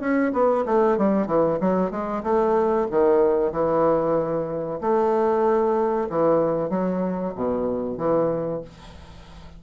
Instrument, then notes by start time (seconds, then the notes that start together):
bassoon
0.00 C#4
0.33 B3
0.66 A3
0.98 G3
1.27 E3
1.61 F#3
1.91 G#3
2.23 A3
2.91 D#3
3.53 E3
4.81 A3
6.10 E3
6.70 F#3
7.35 B2
7.98 E3